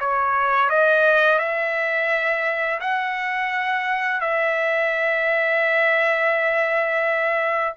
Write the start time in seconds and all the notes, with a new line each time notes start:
0.00 C#5
0.70 D#5
1.39 E5
2.80 F#5
4.21 E5